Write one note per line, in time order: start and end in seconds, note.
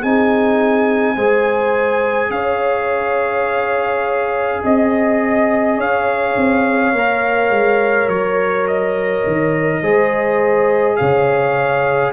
0.00 1.17 C4
0.00 1.17 D#4
0.00 1.15 G#4
0.00 2.31 G#5
1.16 2.31 G#3
1.16 6.94 G#4
1.16 2.32 C5
2.31 4.61 C#4
2.31 4.64 C#5
2.31 4.62 F5
4.64 5.79 C4
4.64 5.78 D#5
4.64 5.81 D#5
5.78 6.37 C#4
5.78 9.82 C#5
5.78 8.10 F5
6.37 6.93 C4
6.93 7.50 A#3
6.93 9.83 A#4
7.50 8.08 G#3
8.08 9.24 F#3
8.08 8.67 C#5
8.68 10.97 D#5
9.27 9.82 D#3
9.82 10.98 G#3
9.82 12.13 G#4
9.82 10.98 C5
10.97 12.13 C#3
10.97 12.13 C#5
10.97 12.12 F5